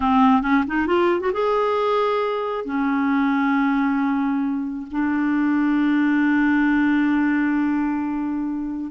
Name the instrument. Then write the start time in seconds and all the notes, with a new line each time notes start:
clarinet
0.00 C4
0.42 C#4
0.67 D#4
0.86 F4
1.20 F#4
1.32 G#4
2.64 C#4
4.91 D4